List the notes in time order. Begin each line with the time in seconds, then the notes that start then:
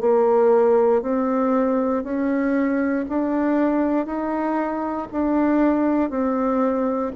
0.00 A#3
1.02 C4
2.03 C#4
3.08 D4
4.05 D#4
5.12 D4
6.09 C4